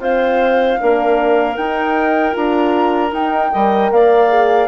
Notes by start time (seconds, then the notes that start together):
0.00 C4 F4 C5 F5
0.78 A#3 D4 A#4
1.56 D#4 G5
2.32 D4 F4 A#5
3.11 D#4 G5
3.51 G3 A#4 D#5
3.91 A#3 D5 F5
4.29 G#4